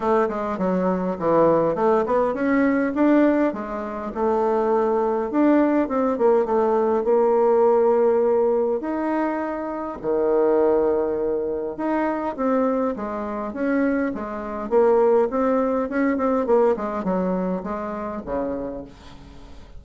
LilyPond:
\new Staff \with { instrumentName = "bassoon" } { \time 4/4 \tempo 4 = 102 a8 gis8 fis4 e4 a8 b8 | cis'4 d'4 gis4 a4~ | a4 d'4 c'8 ais8 a4 | ais2. dis'4~ |
dis'4 dis2. | dis'4 c'4 gis4 cis'4 | gis4 ais4 c'4 cis'8 c'8 | ais8 gis8 fis4 gis4 cis4 | }